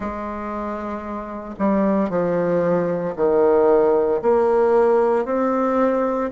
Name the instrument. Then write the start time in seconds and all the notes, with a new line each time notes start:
bassoon
0.00 G#3
1.58 G3
2.09 F3
3.16 D#3
4.22 A#3
5.25 C4